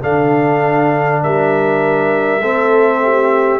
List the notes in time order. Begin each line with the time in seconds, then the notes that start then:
0.00 D3 D4 A4 F5
1.22 G3 A#4 E5
2.41 A3 C4 A4
3.03 G4